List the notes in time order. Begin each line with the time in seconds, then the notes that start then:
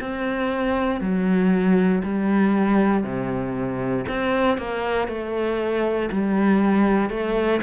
0.00 C4
1.00 F#3
2.03 G3
3.03 C3
4.08 C4
4.57 A#3
5.08 A3
6.11 G3
7.10 A3